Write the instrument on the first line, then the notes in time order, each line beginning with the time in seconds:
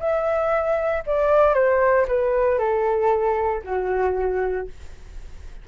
flute
0.00 E5
1.06 D5
1.54 C5
2.08 B4
2.59 A4
3.64 F#4